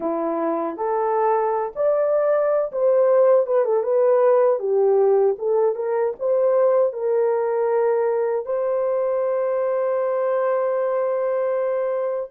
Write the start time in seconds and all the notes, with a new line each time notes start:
0.00 E4
0.77 A4
1.75 D5
2.72 C5
3.46 B4
3.64 A4
3.83 B4
4.59 G4
5.38 A4
5.75 A#4
6.19 C5
6.92 A#4
8.45 C5